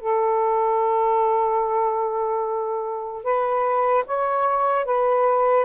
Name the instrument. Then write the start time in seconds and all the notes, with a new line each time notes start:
saxophone
0.00 A4
3.23 B4
4.06 C#5
4.85 B4